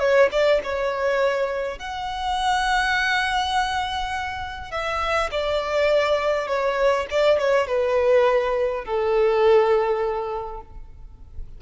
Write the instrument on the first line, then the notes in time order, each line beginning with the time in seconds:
violin
0.00 C#5
0.32 D5
0.64 C#5
1.79 F#5
4.71 E5
5.32 D5
6.48 C#5
7.11 D5
7.39 C#5
7.67 B4
8.85 A4